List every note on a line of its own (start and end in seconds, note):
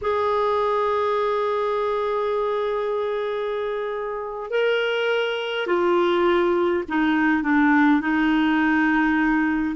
0.01 4.50 G#4
4.50 5.66 A#4
5.67 6.83 F4
6.88 7.42 D#4
7.42 8.00 D4
8.00 9.75 D#4